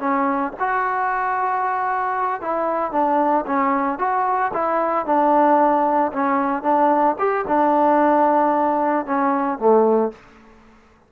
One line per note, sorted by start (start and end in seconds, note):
0.00 0.53 C#4
0.60 2.42 F#4
2.42 2.92 E4
2.92 3.45 D4
3.47 3.99 C#4
3.99 4.52 F#4
4.54 5.06 E4
5.06 6.12 D4
6.13 6.63 C#4
6.63 7.16 D4
7.19 7.46 G4
7.48 9.07 D4
9.07 9.59 C#4
9.59 10.12 A3